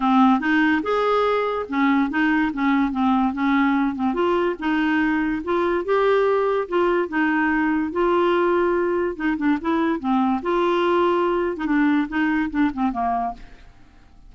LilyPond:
\new Staff \with { instrumentName = "clarinet" } { \time 4/4 \tempo 4 = 144 c'4 dis'4 gis'2 | cis'4 dis'4 cis'4 c'4 | cis'4. c'8 f'4 dis'4~ | dis'4 f'4 g'2 |
f'4 dis'2 f'4~ | f'2 dis'8 d'8 e'4 | c'4 f'2~ f'8. dis'16 | d'4 dis'4 d'8 c'8 ais4 | }